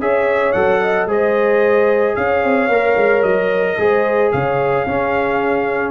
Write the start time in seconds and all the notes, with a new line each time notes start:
0.00 C#4 G#4 C#5 E5
0.52 F#3 A4 F#5
0.81 D#5
1.07 G#3 G#4 C5 D#5
2.16 C#4 C#5 F5
2.44 C4
2.69 A#3 A#4
2.97 G#3
3.23 F#3 D#5
3.78 G#3 G#4 C5
4.32 C#3 C#5 F5
4.86 C#4 G#4